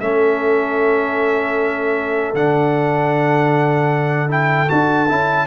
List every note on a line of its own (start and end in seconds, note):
0.00 2.34 A3
0.00 2.35 C#4
0.00 5.46 A4
0.00 2.34 E5
2.34 4.68 D3
2.34 4.28 D4
2.34 4.30 F#5
4.28 4.67 E4
4.28 4.69 G5
4.67 5.10 D4
4.67 5.06 F#4
4.67 5.46 A5
5.08 5.46 C#4
5.08 5.46 E4